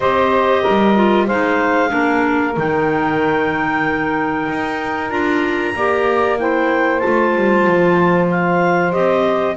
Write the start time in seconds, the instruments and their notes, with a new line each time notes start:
0.00 double bass C4, clarinet G4 D#5, saxophone C5
0.62 double bass G3, saxophone A#4
0.95 clarinet F4
1.26 double bass G#3, clarinet D#4 F5, saxophone C5
1.88 double bass A#3, clarinet D4, saxophone A#4
2.57 double bass D#3, clarinet D#4 G5
4.49 double bass D#4
5.10 double bass D4, clarinet F4 A#5
5.75 double bass A#3, clarinet G4, saxophone D5
6.38 clarinet E4 G5, saxophone C5
6.99 clarinet F4 A5
7.05 double bass A3
7.35 double bass G3
7.66 double bass F3
8.31 clarinet F5
8.91 double bass C4, clarinet G4 D#5